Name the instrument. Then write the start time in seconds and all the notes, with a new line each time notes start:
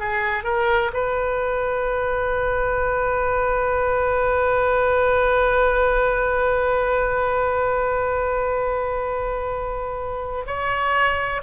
oboe
0.00 G#4
0.44 A#4
0.94 B4
10.47 C#5